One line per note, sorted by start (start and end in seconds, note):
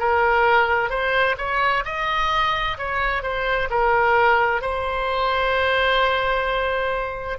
0.00 0.90 A#4
0.90 1.36 C5
1.38 1.85 C#5
1.85 2.78 D#5
2.78 3.23 C#5
3.23 3.69 C5
3.70 4.62 A#4
4.62 7.39 C5